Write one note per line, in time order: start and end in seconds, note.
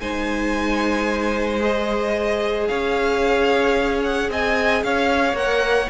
0.00 2.68 G#3
0.00 1.59 D#4
0.00 2.68 C5
0.00 1.61 G#5
1.59 5.34 G#4
1.59 2.67 D#5
2.67 4.29 C#4
2.67 4.29 C#5
2.67 4.01 F5
4.03 4.30 F#5
4.29 4.83 C4
4.29 4.84 D#5
4.29 4.83 G#5
4.83 5.33 C#4
4.83 5.89 C#5
4.83 5.36 F5
5.33 5.86 A#3
5.33 5.88 A#4
5.33 5.89 F#5